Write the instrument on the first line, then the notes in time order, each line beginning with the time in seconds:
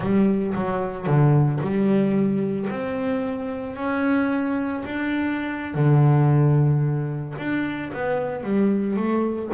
double bass
0.00 G3
0.54 F#3
1.06 D3
1.61 G3
2.70 C4
3.75 C#4
4.84 D4
5.74 D3
7.38 D4
7.93 B3
8.43 G3
8.96 A3